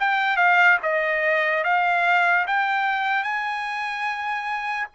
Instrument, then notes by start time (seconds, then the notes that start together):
trumpet
0.00 G5
0.37 F5
0.83 D#5
1.64 F5
2.47 G5
3.24 G#5